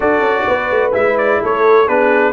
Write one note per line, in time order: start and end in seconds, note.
0.00 0.20 D4
0.00 0.92 F#4
0.00 0.45 A4
0.00 0.92 D5
0.20 0.43 C#4
0.47 0.70 B3
0.47 1.41 B4
0.70 0.93 A3
0.92 1.41 G#3
0.92 1.86 E4
0.92 1.17 E5
1.17 1.41 D5
1.41 1.88 A3
1.41 1.87 A4
1.41 1.88 C#5
1.86 2.32 B3
1.86 2.32 D4
1.86 2.32 G#4
1.86 2.32 B4